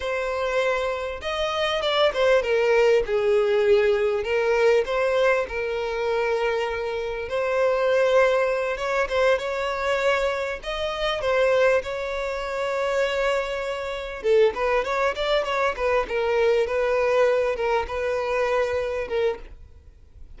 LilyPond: \new Staff \with { instrumentName = "violin" } { \time 4/4 \tempo 4 = 99 c''2 dis''4 d''8 c''8 | ais'4 gis'2 ais'4 | c''4 ais'2. | c''2~ c''8 cis''8 c''8 cis''8~ |
cis''4. dis''4 c''4 cis''8~ | cis''2.~ cis''8 a'8 | b'8 cis''8 d''8 cis''8 b'8 ais'4 b'8~ | b'4 ais'8 b'2 ais'8 | }